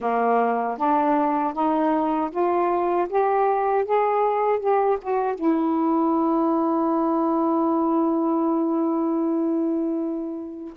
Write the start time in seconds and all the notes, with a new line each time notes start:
0.00 A#3
0.77 D4
1.53 D#4
2.30 F4
3.09 G4
3.85 G#4
4.59 G4
5.01 F#4
5.35 E4